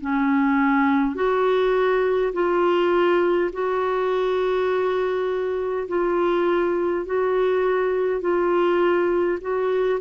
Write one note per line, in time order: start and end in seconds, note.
0.00 1.14 C#4
1.14 2.32 F#4
2.33 3.50 F4
3.52 5.87 F#4
5.88 7.05 F4
7.05 8.20 F#4
8.20 9.38 F4
9.41 9.99 F#4